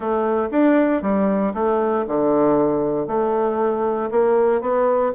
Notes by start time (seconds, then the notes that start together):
0.00 A3
0.51 D4
1.02 G3
1.54 A3
2.07 D3
3.07 A3
4.10 A#3
4.61 B3